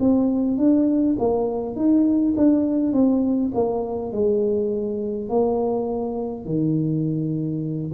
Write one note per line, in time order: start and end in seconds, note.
0.00 0.58 C4
0.58 1.17 D4
1.19 1.76 A#3
1.76 2.35 D#4
2.37 2.94 D4
2.94 3.52 C4
3.55 4.12 A#3
4.12 5.29 G#3
5.29 6.45 A#3
6.45 7.93 D#3